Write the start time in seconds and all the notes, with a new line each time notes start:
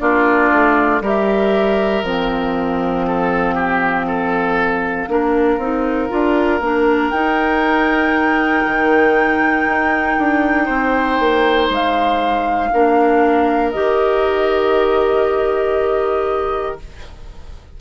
0.00 A#3 D4 F4 D5
0.52 A3
1.01 G3 G4 A#4 E5
2.03 F3 C4 F5
3.07 A4
3.55 G4
4.07 A4
5.08 A#3 D4 A#4
5.58 C4 D#4
6.09 D4 F4
6.61 A#3 D4
7.10 D#4 G5
8.66 D#3
9.67 D#4
10.18 D4
10.66 C4 C5
11.20 A#3
11.69 G#3 F5
12.73 A#3 D4 A#4
13.72 D#3 G4 D#5